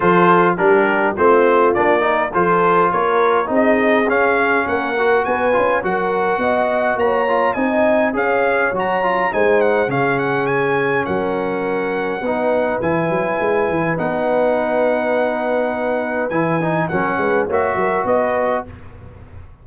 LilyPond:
<<
  \new Staff \with { instrumentName = "trumpet" } { \time 4/4 \tempo 4 = 103 c''4 ais'4 c''4 d''4 | c''4 cis''4 dis''4 f''4 | fis''4 gis''4 fis''2 | ais''4 gis''4 f''4 ais''4 |
gis''8 fis''8 f''8 fis''8 gis''4 fis''4~ | fis''2 gis''2 | fis''1 | gis''4 fis''4 e''4 dis''4 | }
  \new Staff \with { instrumentName = "horn" } { \time 4/4 a'4 g'4 f'4. ais'8 | a'4 ais'4 gis'2 | ais'4 b'4 ais'4 dis''4 | cis''4 dis''4 cis''2 |
c''4 gis'2 ais'4~ | ais'4 b'2.~ | b'1~ | b'4 ais'8 b'8 cis''8 ais'8 b'4 | }
  \new Staff \with { instrumentName = "trombone" } { \time 4/4 f'4 d'4 c'4 d'8 dis'8 | f'2 dis'4 cis'4~ | cis'8 fis'4 f'8 fis'2~ | fis'8 f'8 dis'4 gis'4 fis'8 f'8 |
dis'4 cis'2.~ | cis'4 dis'4 e'2 | dis'1 | e'8 dis'8 cis'4 fis'2 | }
  \new Staff \with { instrumentName = "tuba" } { \time 4/4 f4 g4 a4 ais4 | f4 ais4 c'4 cis'4 | ais4 b8 cis'8 fis4 b4 | ais4 c'4 cis'4 fis4 |
gis4 cis2 fis4~ | fis4 b4 e8 fis8 gis8 e8 | b1 | e4 fis8 gis8 ais8 fis8 b4 | }
>>